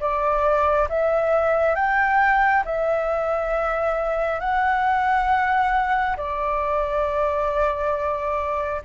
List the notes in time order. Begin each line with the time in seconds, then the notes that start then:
0.00 D5
0.89 E5
1.75 G5
2.65 E5
4.40 F#5
6.17 D5